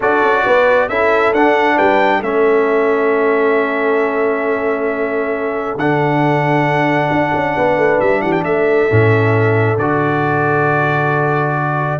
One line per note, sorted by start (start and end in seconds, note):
0.00 0.22 D4
0.00 0.90 F#4
0.00 0.44 A4
0.00 0.88 D5
0.22 0.44 C#4
0.44 0.88 B3
0.44 0.89 B4
0.88 1.32 C#4
0.88 1.34 E4
0.88 1.75 A4
0.88 1.33 E5
1.32 1.76 D4
1.32 2.22 D4
1.32 1.77 F#5
1.75 2.21 G3
1.75 2.19 B4
1.75 2.22 G5
2.19 5.76 A3
2.19 5.78 C#4
2.19 7.52 A4
2.19 5.78 E5
5.76 7.09 D3
5.76 8.89 D4
5.76 8.00 F#5
7.11 7.33 D4
7.34 7.56 C#4
7.55 7.77 B3
7.55 8.22 B4
7.77 7.99 A3
8.00 8.22 G3
8.00 8.21 E5
8.21 8.43 E3
8.21 8.43 G4
8.21 8.31 F#5
8.31 8.43 G5
8.43 8.87 A3
8.43 11.99 A4
8.43 9.77 E5
8.89 9.77 A2
8.89 9.78 C#4
9.77 11.99 D3
9.77 11.99 F#4
9.77 11.99 D5